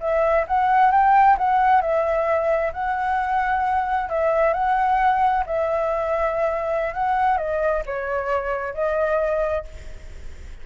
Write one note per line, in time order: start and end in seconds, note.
0.00 0.45 E5
0.48 0.91 F#5
0.91 1.37 G5
1.38 1.81 F#5
1.81 2.72 E5
2.73 4.09 F#5
4.09 4.53 E5
4.53 5.44 F#5
5.46 6.94 E5
6.94 7.37 F#5
7.37 7.83 D#5
7.86 8.74 C#5
8.74 9.64 D#5